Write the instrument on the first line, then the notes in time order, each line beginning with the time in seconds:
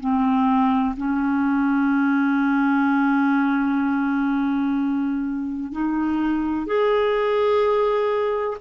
clarinet
0.00 C4
0.97 C#4
5.71 D#4
6.66 G#4